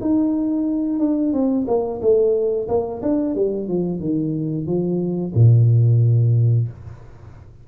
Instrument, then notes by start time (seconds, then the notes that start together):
tuba
0.00 D#4
0.99 D4
1.32 C4
1.67 A#3
2.01 A3
2.68 A#3
3.02 D4
3.35 G3
3.68 F3
4.00 D#3
4.66 F3
5.34 A#2